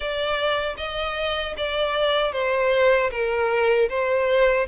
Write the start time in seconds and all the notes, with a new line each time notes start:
0.00 D5
0.77 D#5
1.57 D5
2.32 C5
3.11 A#4
3.89 C5